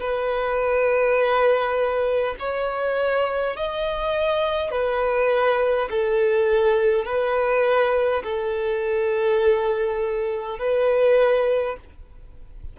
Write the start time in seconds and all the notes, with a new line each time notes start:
0.00 B4
2.39 C#5
3.56 D#5
4.71 B4
5.90 A4
7.05 B4
8.24 A4
10.59 B4